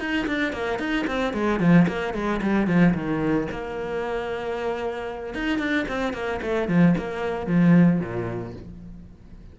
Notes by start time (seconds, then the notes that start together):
0.00 D#4
0.27 D4
0.53 A#3
0.79 D#4
1.07 C4
1.34 G#3
1.60 F3
1.88 A#3
2.14 G#3
2.42 G3
2.67 F3
2.94 D#3
3.52 A#3
5.34 D#4
5.59 D4
5.88 C4
6.14 A#3
6.42 A3
6.68 F3
6.98 A#3
7.47 F3
8.00 A#2